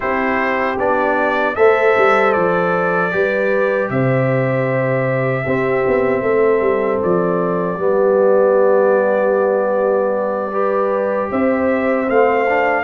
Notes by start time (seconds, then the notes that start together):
0.00 C4 E4 G4 C5
0.78 B3 D4 D5
1.55 A3 A4 C5 E5
1.97 G3
2.32 F3 D5
3.11 G3 G4 B4
3.89 C3 C5 E5
5.44 C4 G4
5.87 B3
6.21 A3 A4
6.60 G3
7.03 F3 D5
7.77 G3 B3 G4
10.51 G4 B4
11.30 C4 C5 E5
12.07 A3 C4 F5
12.48 D4